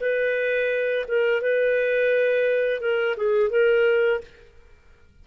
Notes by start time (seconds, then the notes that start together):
0.00 B4
1.08 A#4
1.41 B4
2.80 A#4
3.17 G#4
3.50 A#4